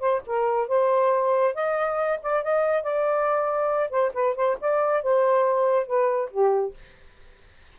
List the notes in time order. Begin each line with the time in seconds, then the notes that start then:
0.00 C5
0.27 A#4
0.69 C5
1.55 D#5
2.23 D5
2.43 D#5
2.83 D5
3.90 C5
4.14 B4
4.36 C5
4.61 D5
5.03 C5
5.87 B4
6.31 G4